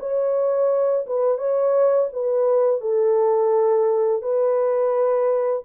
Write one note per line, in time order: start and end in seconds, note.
0.00 1.06 C#5
1.07 1.39 B4
1.39 2.09 C#5
2.13 2.81 B4
2.81 4.22 A4
4.22 5.63 B4